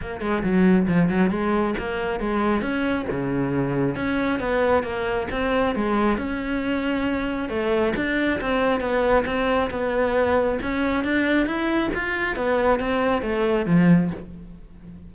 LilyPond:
\new Staff \with { instrumentName = "cello" } { \time 4/4 \tempo 4 = 136 ais8 gis8 fis4 f8 fis8 gis4 | ais4 gis4 cis'4 cis4~ | cis4 cis'4 b4 ais4 | c'4 gis4 cis'2~ |
cis'4 a4 d'4 c'4 | b4 c'4 b2 | cis'4 d'4 e'4 f'4 | b4 c'4 a4 f4 | }